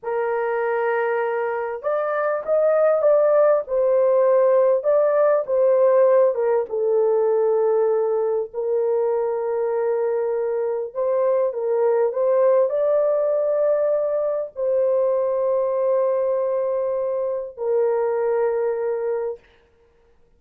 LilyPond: \new Staff \with { instrumentName = "horn" } { \time 4/4 \tempo 4 = 99 ais'2. d''4 | dis''4 d''4 c''2 | d''4 c''4. ais'8 a'4~ | a'2 ais'2~ |
ais'2 c''4 ais'4 | c''4 d''2. | c''1~ | c''4 ais'2. | }